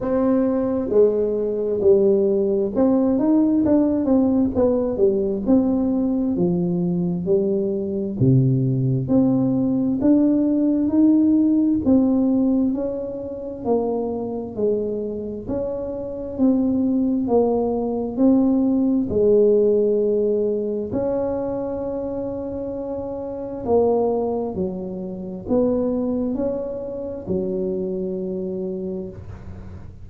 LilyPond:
\new Staff \with { instrumentName = "tuba" } { \time 4/4 \tempo 4 = 66 c'4 gis4 g4 c'8 dis'8 | d'8 c'8 b8 g8 c'4 f4 | g4 c4 c'4 d'4 | dis'4 c'4 cis'4 ais4 |
gis4 cis'4 c'4 ais4 | c'4 gis2 cis'4~ | cis'2 ais4 fis4 | b4 cis'4 fis2 | }